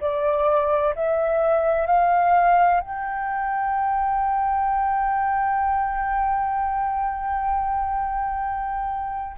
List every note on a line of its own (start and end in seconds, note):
0.00 0.94 D5
0.95 1.86 E5
1.86 2.80 F5
2.80 9.36 G5